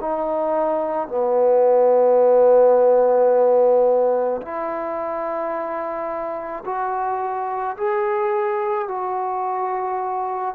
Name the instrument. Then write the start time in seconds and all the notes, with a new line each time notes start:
trombone
0.00 D#4
1.08 B3
4.41 E4
6.65 F#4
7.77 G#4
8.87 F#4